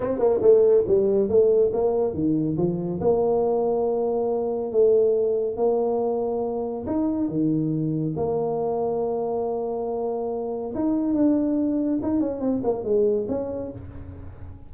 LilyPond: \new Staff \with { instrumentName = "tuba" } { \time 4/4 \tempo 4 = 140 c'8 ais8 a4 g4 a4 | ais4 dis4 f4 ais4~ | ais2. a4~ | a4 ais2. |
dis'4 dis2 ais4~ | ais1~ | ais4 dis'4 d'2 | dis'8 cis'8 c'8 ais8 gis4 cis'4 | }